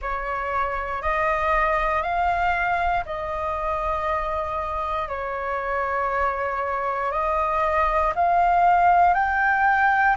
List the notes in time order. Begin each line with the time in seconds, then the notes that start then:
0.01 C#5
1.02 D#5
2.02 F5
3.05 D#5
5.08 C#5
7.11 D#5
8.14 F5
9.14 G5